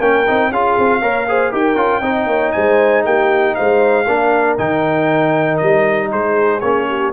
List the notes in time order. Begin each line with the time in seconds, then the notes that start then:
0.00 A#3 C#4 A#4 G5
0.27 C4 D#4
0.50 C#4 F4 G#4 F5
0.78 C4
1.01 A#3 A#4 C#5
1.28 G#4 C5
1.51 D#4 G4 A#4 G5
1.75 C#4 F4
2.01 C4 D#4 D#5
2.26 A#3 C#5
2.52 G#3 C5 G#5
3.04 A#3 G4 G5
3.55 G#3 C5 F5
4.05 A#3 D4 A#4
4.58 D#3 D#4 G5
5.57 G3 D#5
6.11 G#3 G#4 C5
6.60 A#3 C#4 C#5
6.88 G4